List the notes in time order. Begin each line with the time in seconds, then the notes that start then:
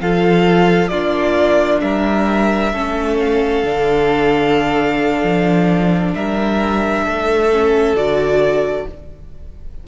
0.00 F3 F4 A4 F5
0.88 A#3 D4 F4 D5
1.81 G3 A#4 E5
2.72 A3 C#4 A4
3.19 F5
3.63 D3 D4
5.23 F3
6.14 G3 A#4 E5
7.04 A3 A4
7.51 C#4
7.94 D3 F#4 D5